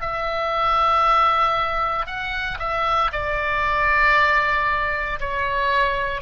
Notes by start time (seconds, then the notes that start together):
0.00 E5
2.06 F#5
2.59 E5
3.12 D5
5.20 C#5